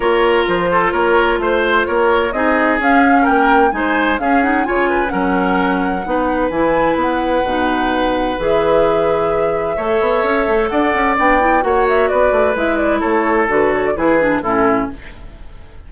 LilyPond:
<<
  \new Staff \with { instrumentName = "flute" } { \time 4/4 \tempo 4 = 129 cis''4 c''4 cis''4 c''4 | cis''4 dis''4 f''4 g''4 | gis''4 f''8 fis''8 gis''4 fis''4~ | fis''2 gis''4 fis''4~ |
fis''2 e''2~ | e''2. fis''4 | g''4 fis''8 e''8 d''4 e''8 d''8 | cis''4 b'8 cis''16 d''16 b'4 a'4 | }
  \new Staff \with { instrumentName = "oboe" } { \time 4/4 ais'4. a'8 ais'4 c''4 | ais'4 gis'2 ais'4 | c''4 gis'4 cis''8 b'8 ais'4~ | ais'4 b'2.~ |
b'1~ | b'4 cis''2 d''4~ | d''4 cis''4 b'2 | a'2 gis'4 e'4 | }
  \new Staff \with { instrumentName = "clarinet" } { \time 4/4 f'1~ | f'4 dis'4 cis'2 | dis'4 cis'8 dis'8 f'4 cis'4~ | cis'4 dis'4 e'2 |
dis'2 gis'2~ | gis'4 a'2. | d'8 e'8 fis'2 e'4~ | e'4 fis'4 e'8 d'8 cis'4 | }
  \new Staff \with { instrumentName = "bassoon" } { \time 4/4 ais4 f4 ais4 a4 | ais4 c'4 cis'4 ais4 | gis4 cis'4 cis4 fis4~ | fis4 b4 e4 b4 |
b,2 e2~ | e4 a8 b8 cis'8 a8 d'8 cis'8 | b4 ais4 b8 a8 gis4 | a4 d4 e4 a,4 | }
>>